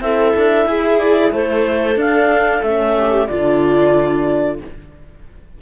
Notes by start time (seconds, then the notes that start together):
0.00 C4 E4 A4 E5
0.36 D4
0.66 E4 G#4
0.99 D5
1.32 A3 A4 C5
1.96 D4 F5
2.62 A3 C#4 E5
2.97 G4
3.27 D3 D4 F4 D5